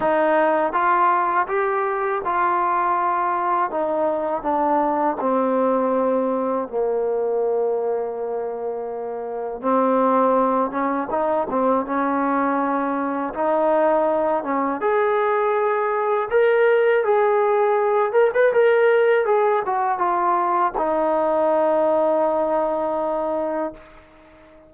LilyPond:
\new Staff \with { instrumentName = "trombone" } { \time 4/4 \tempo 4 = 81 dis'4 f'4 g'4 f'4~ | f'4 dis'4 d'4 c'4~ | c'4 ais2.~ | ais4 c'4. cis'8 dis'8 c'8 |
cis'2 dis'4. cis'8 | gis'2 ais'4 gis'4~ | gis'8 ais'16 b'16 ais'4 gis'8 fis'8 f'4 | dis'1 | }